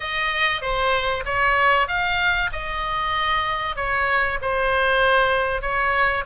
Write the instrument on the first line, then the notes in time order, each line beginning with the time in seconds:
oboe
0.00 D#5
0.61 C5
1.25 C#5
1.88 F5
2.52 D#5
3.76 C#5
4.41 C5
5.61 C#5